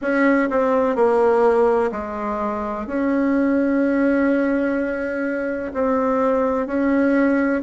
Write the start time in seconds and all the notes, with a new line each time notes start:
0.01 C#4
0.50 C4
0.95 A#3
1.91 G#3
2.86 C#4
5.73 C4
6.67 C#4